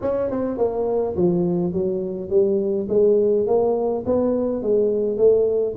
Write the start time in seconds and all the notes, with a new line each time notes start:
0.01 C#4
0.30 C4
0.57 A#3
1.16 F3
1.72 F#3
2.29 G3
2.88 G#3
3.46 A#3
4.06 B3
4.62 G#3
5.17 A3